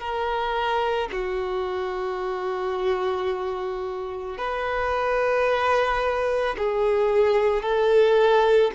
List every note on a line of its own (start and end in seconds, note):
0.00 1.09 A#4
1.12 4.38 F#4
4.38 6.56 B4
6.58 7.62 G#4
7.62 8.71 A4